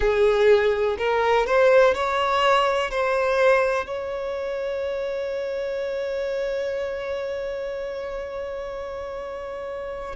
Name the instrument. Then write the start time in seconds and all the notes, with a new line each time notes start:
violin
0.00 G#4
0.98 A#4
1.46 C5
1.94 C#5
2.90 C5
3.86 C#5